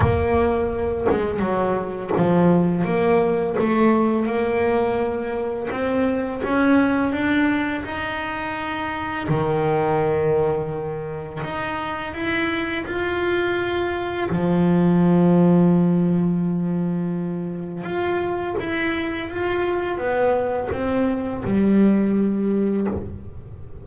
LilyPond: \new Staff \with { instrumentName = "double bass" } { \time 4/4 \tempo 4 = 84 ais4. gis8 fis4 f4 | ais4 a4 ais2 | c'4 cis'4 d'4 dis'4~ | dis'4 dis2. |
dis'4 e'4 f'2 | f1~ | f4 f'4 e'4 f'4 | b4 c'4 g2 | }